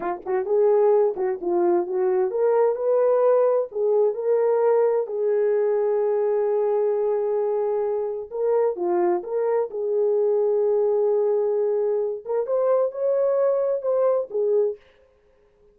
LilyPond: \new Staff \with { instrumentName = "horn" } { \time 4/4 \tempo 4 = 130 f'8 fis'8 gis'4. fis'8 f'4 | fis'4 ais'4 b'2 | gis'4 ais'2 gis'4~ | gis'1~ |
gis'2 ais'4 f'4 | ais'4 gis'2.~ | gis'2~ gis'8 ais'8 c''4 | cis''2 c''4 gis'4 | }